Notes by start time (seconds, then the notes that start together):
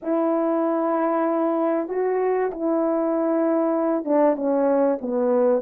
0.02 E4
1.88 F#4
2.51 E4
4.05 D4
4.36 C#4
5.01 B3